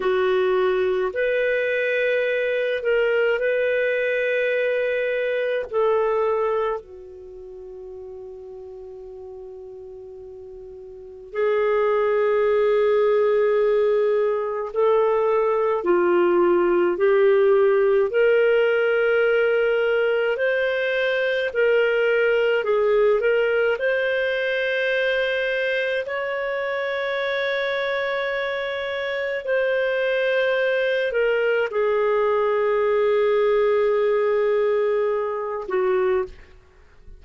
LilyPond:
\new Staff \with { instrumentName = "clarinet" } { \time 4/4 \tempo 4 = 53 fis'4 b'4. ais'8 b'4~ | b'4 a'4 fis'2~ | fis'2 gis'2~ | gis'4 a'4 f'4 g'4 |
ais'2 c''4 ais'4 | gis'8 ais'8 c''2 cis''4~ | cis''2 c''4. ais'8 | gis'2.~ gis'8 fis'8 | }